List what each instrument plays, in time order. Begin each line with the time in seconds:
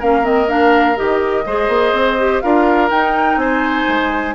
0.00 bassoon A#3, clarinet C#4, oboe A#4, flute F5
0.22 clarinet C4, flute D#5
0.48 clarinet D4, flute F5
0.96 bassoon D#3, clarinet G4, flute D#5
1.46 bassoon G#3, clarinet G#4, oboe C5
1.69 bassoon A#3
1.93 bassoon C4
2.19 clarinet G4
2.41 bassoon D4, clarinet F4, oboe A#4, flute F5
2.90 clarinet D#4, bassoon D#4, flute G5
3.36 bassoon C4, oboe C5, flute G#5
3.88 bassoon G#3